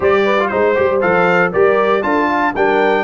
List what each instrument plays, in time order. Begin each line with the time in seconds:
0.00 tuba G3, trombone G4, horn C5, trumpet D5
0.24 horn B4
0.39 trombone F4
0.47 tuba G#3, trombone D#4, trumpet C5, horn C5
0.75 tuba G3, trombone G4
1.01 tuba F3, trombone A4, trumpet F5
1.52 tuba G3, trombone G4, horn A#4, trumpet D5
2.02 tuba D4, trombone F4, horn A4, trumpet A5
2.28 horn F5
2.55 tuba G3, trombone D4, horn A#4, trumpet G5